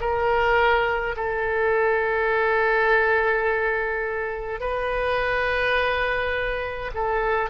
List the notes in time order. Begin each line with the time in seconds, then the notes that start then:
0.00 A#4
1.16 A4
4.60 B4
6.94 A4